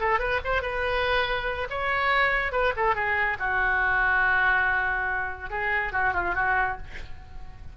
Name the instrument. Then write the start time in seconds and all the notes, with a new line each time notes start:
oboe
0.00 A4
0.19 B4
0.45 C5
0.62 B4
1.70 C#5
2.52 B4
2.76 A4
2.95 G#4
3.39 F#4
5.50 G#4
5.92 F#4
6.14 F4
6.35 F#4